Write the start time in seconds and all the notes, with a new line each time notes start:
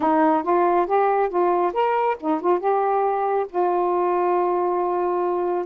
0.00 D#4
0.43 F4
0.86 G4
1.29 F4
1.73 A#4
2.20 D#4
2.40 F4
2.59 G4
3.49 F4